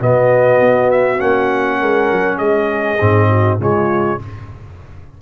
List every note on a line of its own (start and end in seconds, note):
0.00 0.60 B2
0.00 1.18 B3
0.00 1.80 F#4
0.00 0.91 D#5
0.60 1.21 B3
0.91 1.20 E5
1.18 1.81 A#3
1.18 2.98 C#4
1.18 2.38 F#5
1.80 2.12 G#3
1.80 2.38 A#4
2.12 2.39 F#3
2.38 2.99 G#3
2.38 3.28 G#4
2.38 3.58 D#5
3.00 3.60 G#2
3.00 3.59 C4
3.29 3.59 F#4
3.59 4.20 C#3
3.59 4.19 G#3
3.59 4.21 F4
3.59 4.22 C#5